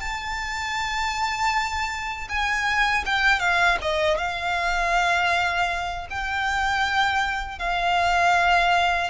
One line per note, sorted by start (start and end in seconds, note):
0.00 2.28 A5
2.29 3.04 G#5
3.06 3.39 G5
3.39 3.77 F5
3.81 4.18 D#5
4.18 6.08 F5
6.10 7.59 G5
7.59 9.10 F5